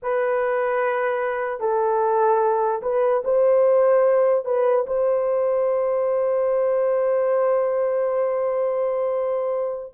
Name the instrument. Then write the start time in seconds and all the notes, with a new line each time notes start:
horn
0.02 B4
1.60 A4
2.82 B4
3.24 C5
4.45 B4
4.86 C5